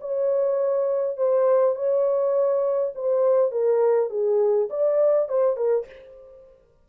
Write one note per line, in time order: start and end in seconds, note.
0.00 1.17 C#5
1.17 1.75 C5
1.75 2.93 C#5
2.95 3.51 C5
3.51 4.10 A#4
4.10 4.68 G#4
4.70 5.28 D5
5.28 5.56 C5
5.56 5.86 A#4